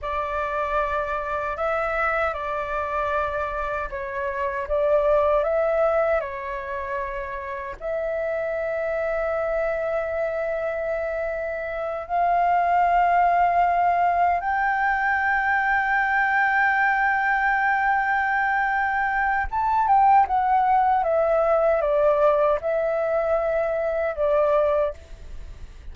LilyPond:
\new Staff \with { instrumentName = "flute" } { \time 4/4 \tempo 4 = 77 d''2 e''4 d''4~ | d''4 cis''4 d''4 e''4 | cis''2 e''2~ | e''2.~ e''8 f''8~ |
f''2~ f''8 g''4.~ | g''1~ | g''4 a''8 g''8 fis''4 e''4 | d''4 e''2 d''4 | }